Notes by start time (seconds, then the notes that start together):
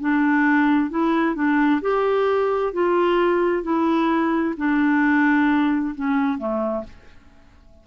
0.00 D4
0.90 E4
1.35 D4
1.81 G4
2.73 F4
3.63 E4
4.57 D4
5.95 C#4
6.38 A3